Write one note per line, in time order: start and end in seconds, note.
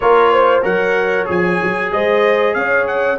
0.00 0.64 A#3
0.00 0.62 F4
0.00 0.32 A#4
0.00 0.63 C#5
0.32 0.62 C5
0.62 1.27 F#3
0.62 1.25 A#4
0.62 1.90 C#5
0.62 1.27 F#5
1.25 1.61 F3
1.25 3.17 G#4
1.25 1.91 G#5
1.62 1.91 F#3
1.91 2.55 G#3
1.91 2.56 C5
1.91 2.53 D#5
2.53 3.18 C#4
2.53 3.18 C#5
2.53 2.85 F5
2.87 3.18 F#5